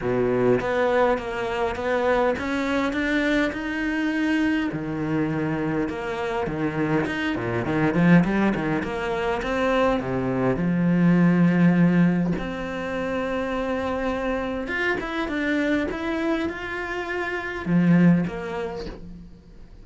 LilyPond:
\new Staff \with { instrumentName = "cello" } { \time 4/4 \tempo 4 = 102 b,4 b4 ais4 b4 | cis'4 d'4 dis'2 | dis2 ais4 dis4 | dis'8 ais,8 dis8 f8 g8 dis8 ais4 |
c'4 c4 f2~ | f4 c'2.~ | c'4 f'8 e'8 d'4 e'4 | f'2 f4 ais4 | }